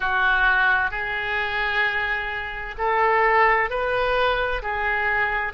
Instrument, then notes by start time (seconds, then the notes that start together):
oboe
0.00 F#4
0.90 G#4
2.78 A4
3.69 B4
4.62 G#4